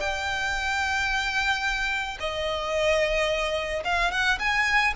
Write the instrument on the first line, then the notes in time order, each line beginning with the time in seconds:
violin
0.00 G5
2.20 D#5
3.84 F5
4.11 F#5
4.39 G#5